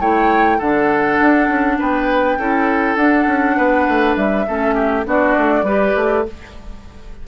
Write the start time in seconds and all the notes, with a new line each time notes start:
0.00 A3 E4 C#5 G5
0.58 D3 D4 A4 F#5
1.20 D4
1.48 C#4
1.78 B3 B4 G5
2.38 C#4 E4 A4
2.95 D4 F#5
3.26 C#4
3.56 B3 B4
3.88 A3
4.16 G3 E5
4.47 A3 C#4 A4
4.74 G4
5.05 B3 D4 F#4 D5
5.37 A3
5.62 G3 G4 B4
5.96 A3